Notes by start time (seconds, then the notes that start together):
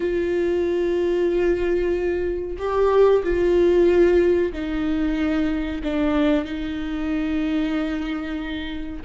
0.00 F4
2.58 G4
3.23 F4
4.52 D#4
5.83 D4
6.44 D#4